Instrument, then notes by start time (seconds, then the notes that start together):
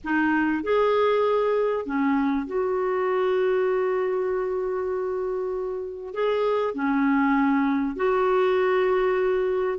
clarinet
0.04 D#4
0.63 G#4
1.85 C#4
2.47 F#4
6.14 G#4
6.74 C#4
7.96 F#4